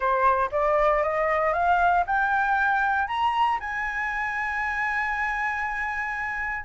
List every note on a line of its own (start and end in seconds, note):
0.00 0.49 C5
0.51 1.03 D5
1.03 1.53 D#5
1.53 2.04 F5
2.06 3.07 G5
3.07 3.58 A#5
3.59 6.65 G#5